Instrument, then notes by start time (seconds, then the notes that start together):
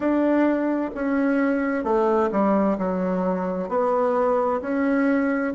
bassoon
0.00 D4
0.94 C#4
1.83 A3
2.31 G3
2.78 F#3
3.68 B3
4.61 C#4